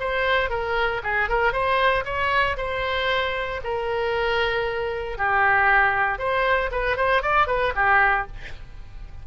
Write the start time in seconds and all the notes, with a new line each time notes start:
0.00 C5
0.50 A#4
1.04 G#4
1.29 A#4
1.53 C5
2.05 C#5
2.57 C5
3.64 A#4
5.18 G4
6.19 C5
6.72 B4
6.97 C5
7.22 D5
7.47 B4
7.76 G4